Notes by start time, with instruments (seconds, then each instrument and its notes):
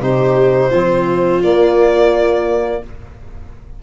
0.00 tuba C3, trombone D#4, viola G4, violin C5
0.70 tuba F3, trombone C4, viola F4
1.43 trombone A#3, tuba A#3, violin D5